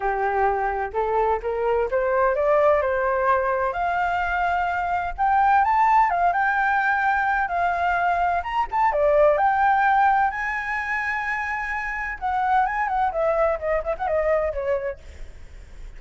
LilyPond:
\new Staff \with { instrumentName = "flute" } { \time 4/4 \tempo 4 = 128 g'2 a'4 ais'4 | c''4 d''4 c''2 | f''2. g''4 | a''4 f''8 g''2~ g''8 |
f''2 ais''8 a''8 d''4 | g''2 gis''2~ | gis''2 fis''4 gis''8 fis''8 | e''4 dis''8 e''16 fis''16 dis''4 cis''4 | }